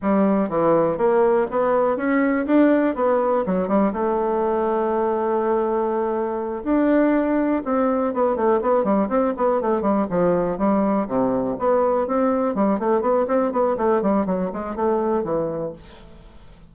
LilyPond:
\new Staff \with { instrumentName = "bassoon" } { \time 4/4 \tempo 4 = 122 g4 e4 ais4 b4 | cis'4 d'4 b4 fis8 g8 | a1~ | a4. d'2 c'8~ |
c'8 b8 a8 b8 g8 c'8 b8 a8 | g8 f4 g4 c4 b8~ | b8 c'4 g8 a8 b8 c'8 b8 | a8 g8 fis8 gis8 a4 e4 | }